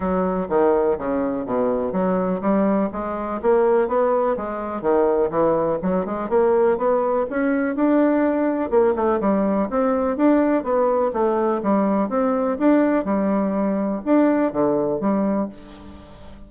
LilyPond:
\new Staff \with { instrumentName = "bassoon" } { \time 4/4 \tempo 4 = 124 fis4 dis4 cis4 b,4 | fis4 g4 gis4 ais4 | b4 gis4 dis4 e4 | fis8 gis8 ais4 b4 cis'4 |
d'2 ais8 a8 g4 | c'4 d'4 b4 a4 | g4 c'4 d'4 g4~ | g4 d'4 d4 g4 | }